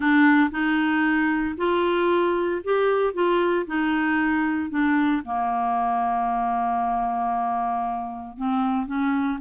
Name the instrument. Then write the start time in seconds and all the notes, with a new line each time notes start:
clarinet
0.00 D4
0.51 D#4
1.57 F4
2.63 G4
3.13 F4
3.66 D#4
4.70 D4
5.24 A#3
8.37 C4
8.86 C#4